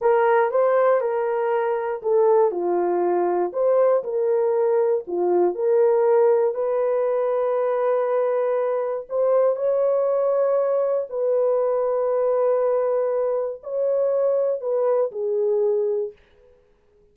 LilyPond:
\new Staff \with { instrumentName = "horn" } { \time 4/4 \tempo 4 = 119 ais'4 c''4 ais'2 | a'4 f'2 c''4 | ais'2 f'4 ais'4~ | ais'4 b'2.~ |
b'2 c''4 cis''4~ | cis''2 b'2~ | b'2. cis''4~ | cis''4 b'4 gis'2 | }